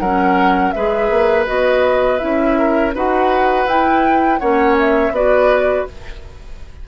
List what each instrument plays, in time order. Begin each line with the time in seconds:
0.00 bassoon F#3, clarinet C#4, oboe A#4, flute F#5
0.72 bassoon G#3, clarinet G#4, oboe B4, flute E5
1.10 bassoon A#3
1.46 bassoon B3, clarinet F#4, flute D#5
2.19 bassoon C#4, clarinet E4, flute E5
2.59 oboe A#4
2.95 bassoon D#4, clarinet F#4, oboe B4, flute F#5
3.66 bassoon E4, clarinet E4, flute G5
4.39 bassoon A#3, clarinet C#4, oboe C#5, flute F#5
4.80 flute E5
5.11 bassoon B3, clarinet F#4, oboe B4, flute D5